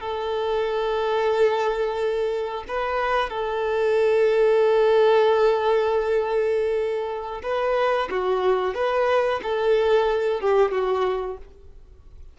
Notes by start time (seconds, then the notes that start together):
0.00 A4
2.68 B4
3.29 A4
7.42 B4
8.10 F#4
8.74 B4
9.43 A4
10.40 G4
10.71 F#4